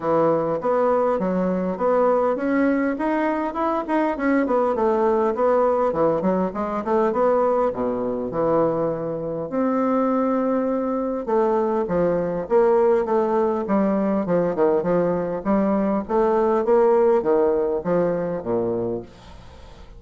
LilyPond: \new Staff \with { instrumentName = "bassoon" } { \time 4/4 \tempo 4 = 101 e4 b4 fis4 b4 | cis'4 dis'4 e'8 dis'8 cis'8 b8 | a4 b4 e8 fis8 gis8 a8 | b4 b,4 e2 |
c'2. a4 | f4 ais4 a4 g4 | f8 dis8 f4 g4 a4 | ais4 dis4 f4 ais,4 | }